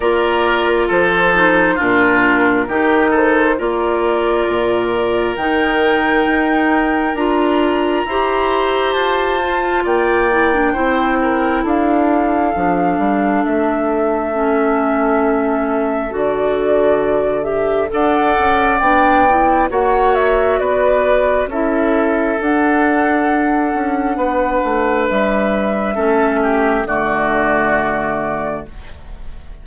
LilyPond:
<<
  \new Staff \with { instrumentName = "flute" } { \time 4/4 \tempo 4 = 67 d''4 c''4 ais'4. c''8 | d''2 g''2 | ais''2 a''4 g''4~ | g''4 f''2 e''4~ |
e''2 d''4. e''8 | fis''4 g''4 fis''8 e''8 d''4 | e''4 fis''2. | e''2 d''2 | }
  \new Staff \with { instrumentName = "oboe" } { \time 4/4 ais'4 a'4 f'4 g'8 a'8 | ais'1~ | ais'4 c''2 d''4 | c''8 ais'8 a'2.~ |
a'1 | d''2 cis''4 b'4 | a'2. b'4~ | b'4 a'8 g'8 fis'2 | }
  \new Staff \with { instrumentName = "clarinet" } { \time 4/4 f'4. dis'8 d'4 dis'4 | f'2 dis'2 | f'4 g'4. f'4 e'16 d'16 | e'2 d'2 |
cis'2 fis'4. g'8 | a'4 d'8 e'8 fis'2 | e'4 d'2.~ | d'4 cis'4 a2 | }
  \new Staff \with { instrumentName = "bassoon" } { \time 4/4 ais4 f4 ais,4 dis4 | ais4 ais,4 dis4 dis'4 | d'4 e'4 f'4 ais4 | c'4 d'4 f8 g8 a4~ |
a2 d2 | d'8 cis'8 b4 ais4 b4 | cis'4 d'4. cis'8 b8 a8 | g4 a4 d2 | }
>>